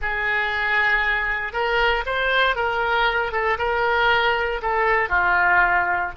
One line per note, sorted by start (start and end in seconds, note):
0.01 1.52 G#4
1.52 2.04 A#4
2.06 2.55 C5
2.55 3.31 A#4
3.31 3.57 A4
3.58 4.61 A#4
4.62 5.09 A4
5.09 6.11 F4